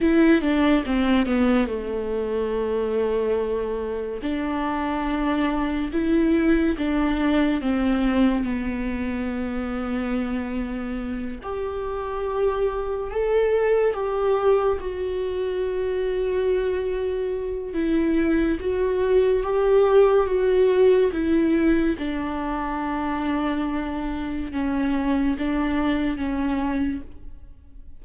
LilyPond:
\new Staff \with { instrumentName = "viola" } { \time 4/4 \tempo 4 = 71 e'8 d'8 c'8 b8 a2~ | a4 d'2 e'4 | d'4 c'4 b2~ | b4. g'2 a'8~ |
a'8 g'4 fis'2~ fis'8~ | fis'4 e'4 fis'4 g'4 | fis'4 e'4 d'2~ | d'4 cis'4 d'4 cis'4 | }